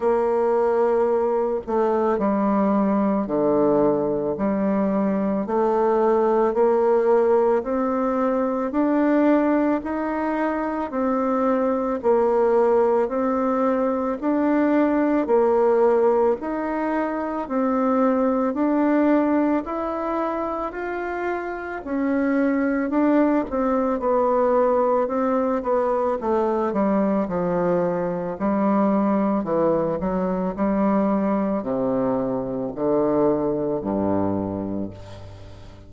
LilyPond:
\new Staff \with { instrumentName = "bassoon" } { \time 4/4 \tempo 4 = 55 ais4. a8 g4 d4 | g4 a4 ais4 c'4 | d'4 dis'4 c'4 ais4 | c'4 d'4 ais4 dis'4 |
c'4 d'4 e'4 f'4 | cis'4 d'8 c'8 b4 c'8 b8 | a8 g8 f4 g4 e8 fis8 | g4 c4 d4 g,4 | }